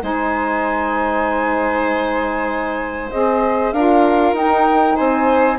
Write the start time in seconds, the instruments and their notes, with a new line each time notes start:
0.00 bassoon G#3, saxophone D#4, violin C5, flute G#5
3.10 bassoon C4, saxophone G#4, flute D#5
3.72 bassoon D4, saxophone F4, violin A#4, flute F5
4.32 bassoon D#4, saxophone D#4, flute G5
4.95 bassoon C4, violin C5, flute G#5